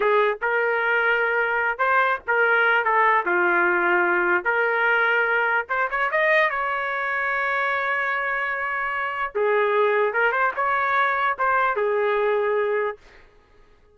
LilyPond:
\new Staff \with { instrumentName = "trumpet" } { \time 4/4 \tempo 4 = 148 gis'4 ais'2.~ | ais'8 c''4 ais'4. a'4 | f'2. ais'4~ | ais'2 c''8 cis''8 dis''4 |
cis''1~ | cis''2. gis'4~ | gis'4 ais'8 c''8 cis''2 | c''4 gis'2. | }